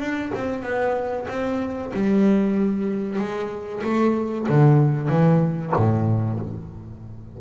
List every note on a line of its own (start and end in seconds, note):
0.00 0.32 D4
0.35 0.63 C4
0.63 1.27 B3
1.29 1.93 C4
1.94 3.19 G3
3.19 3.83 G#3
3.84 4.48 A3
4.49 5.09 D3
5.09 5.73 E3
5.76 6.40 A2